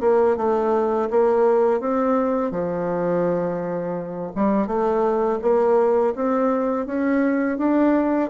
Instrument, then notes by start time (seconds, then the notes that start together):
bassoon
0.00 A#3
0.36 A3
1.10 A#3
1.80 C4
2.51 F3
4.35 G3
4.67 A3
5.42 A#3
6.15 C4
6.86 C#4
7.57 D4